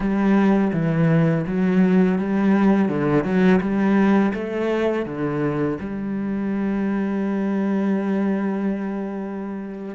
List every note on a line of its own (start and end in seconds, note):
0.00 0.71 G3
0.73 1.45 E3
1.46 2.18 F#3
2.18 2.88 G3
2.88 3.24 D3
3.24 3.60 F#3
3.60 4.32 G3
4.34 5.05 A3
5.05 5.78 D3
5.80 9.95 G3